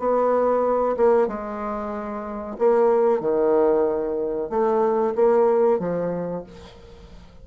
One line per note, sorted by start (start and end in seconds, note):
0.00 0.97 B3
0.97 1.28 A#3
1.28 2.57 G#3
2.59 3.21 A#3
3.21 4.50 D#3
4.50 5.15 A3
5.16 5.79 A#3
5.79 6.44 F3